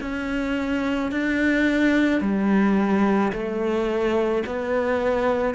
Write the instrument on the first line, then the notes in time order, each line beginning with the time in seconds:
cello
0.00 C#4
1.11 D4
2.21 G3
3.32 A3
4.46 B3